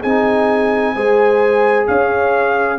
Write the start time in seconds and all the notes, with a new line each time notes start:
0.00 C4 D#4 G#4 G#5
0.95 G#3 G#4 C5
1.87 C#4 C#5 F5